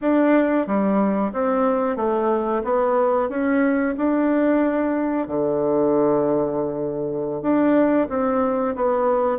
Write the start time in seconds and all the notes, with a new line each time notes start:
0.01 D4
0.66 G3
1.32 C4
1.96 A3
2.64 B3
3.29 C#4
3.97 D4
5.27 D3
7.42 D4
8.09 C4
8.75 B3